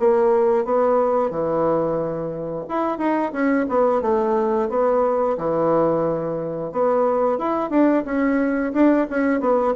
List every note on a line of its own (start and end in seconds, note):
0.00 0.65 A#3
0.65 1.31 B3
1.31 2.66 E3
2.69 2.98 E4
2.98 3.32 D#4
3.33 3.66 C#4
3.69 4.02 B3
4.02 4.69 A3
4.70 5.37 B3
5.38 6.73 E3
6.73 7.39 B3
7.39 7.70 E4
7.70 8.04 D4
8.06 8.73 C#4
8.74 9.07 D4
9.10 9.41 C#4
9.41 9.74 B3